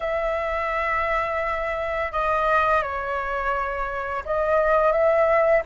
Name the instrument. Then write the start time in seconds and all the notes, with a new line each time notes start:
flute
0.00 E5
2.12 D#5
2.82 C#5
4.25 D#5
4.92 E5